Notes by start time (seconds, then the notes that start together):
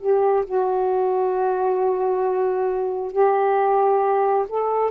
0.00 G4
0.45 F#4
3.11 G4
4.49 A4